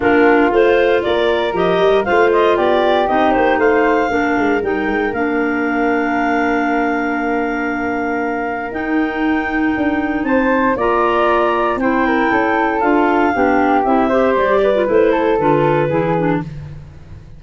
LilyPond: <<
  \new Staff \with { instrumentName = "clarinet" } { \time 4/4 \tempo 4 = 117 ais'4 c''4 d''4 dis''4 | f''8 dis''8 d''4 dis''8 c''8 f''4~ | f''4 g''4 f''2~ | f''1~ |
f''4 g''2. | a''4 ais''2 g''4~ | g''4 f''2 e''4 | d''4 c''4 b'2 | }
  \new Staff \with { instrumentName = "flute" } { \time 4/4 f'2 ais'2 | c''4 g'2 c''4 | ais'1~ | ais'1~ |
ais'1 | c''4 d''2 c''8 ais'8 | a'2 g'4. c''8~ | c''8 b'4 a'4. gis'4 | }
  \new Staff \with { instrumentName = "clarinet" } { \time 4/4 d'4 f'2 g'4 | f'2 dis'2 | d'4 dis'4 d'2~ | d'1~ |
d'4 dis'2.~ | dis'4 f'2 e'4~ | e'4 f'4 d'4 e'8 g'8~ | g'8. f'16 e'4 f'4 e'8 d'8 | }
  \new Staff \with { instrumentName = "tuba" } { \time 4/4 ais4 a4 ais4 f8 g8 | a4 b4 c'8 ais8 a4 | ais8 gis8 g8 gis8 ais2~ | ais1~ |
ais4 dis'2 d'4 | c'4 ais2 c'4 | cis'4 d'4 b4 c'4 | g4 a4 d4 e4 | }
>>